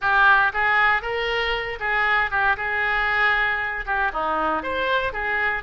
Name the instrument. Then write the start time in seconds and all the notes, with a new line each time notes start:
oboe
0.01 G4
0.53 G#4
1.01 A#4
1.79 G#4
2.30 G4
2.56 G#4
3.86 G4
4.13 D#4
4.62 C5
5.12 G#4